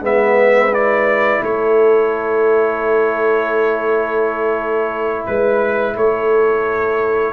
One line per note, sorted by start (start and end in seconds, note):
0.00 1.40 G#3
0.00 0.72 B3
0.00 1.42 B4
0.00 0.74 E5
0.73 7.33 E4
0.73 1.43 D5
1.42 5.25 A3
1.42 5.26 A4
1.42 5.26 C#5
5.26 5.96 G#3
5.26 5.95 B4
5.26 5.96 B4
5.96 7.33 A3
5.96 7.33 A4
5.96 7.33 C#5